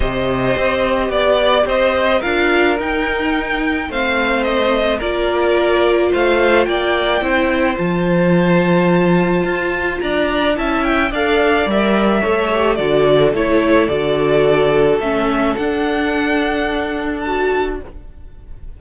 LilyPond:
<<
  \new Staff \with { instrumentName = "violin" } { \time 4/4 \tempo 4 = 108 dis''2 d''4 dis''4 | f''4 g''2 f''4 | dis''4 d''2 f''4 | g''2 a''2~ |
a''2 ais''4 a''8 g''8 | f''4 e''2 d''4 | cis''4 d''2 e''4 | fis''2. a''4 | }
  \new Staff \with { instrumentName = "violin" } { \time 4/4 c''2 d''4 c''4 | ais'2. c''4~ | c''4 ais'2 c''4 | d''4 c''2.~ |
c''2 d''4 e''4 | d''2 cis''4 a'4~ | a'1~ | a'1 | }
  \new Staff \with { instrumentName = "viola" } { \time 4/4 g'1 | f'4 dis'2 c'4~ | c'4 f'2.~ | f'4 e'4 f'2~ |
f'2. e'4 | a'4 ais'4 a'8 g'8 fis'4 | e'4 fis'2 cis'4 | d'2. fis'4 | }
  \new Staff \with { instrumentName = "cello" } { \time 4/4 c4 c'4 b4 c'4 | d'4 dis'2 a4~ | a4 ais2 a4 | ais4 c'4 f2~ |
f4 f'4 d'4 cis'4 | d'4 g4 a4 d4 | a4 d2 a4 | d'1 | }
>>